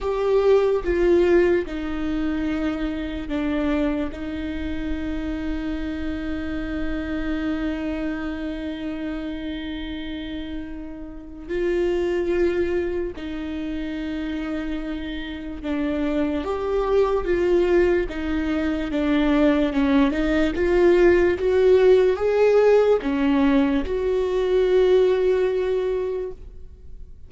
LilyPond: \new Staff \with { instrumentName = "viola" } { \time 4/4 \tempo 4 = 73 g'4 f'4 dis'2 | d'4 dis'2.~ | dis'1~ | dis'2 f'2 |
dis'2. d'4 | g'4 f'4 dis'4 d'4 | cis'8 dis'8 f'4 fis'4 gis'4 | cis'4 fis'2. | }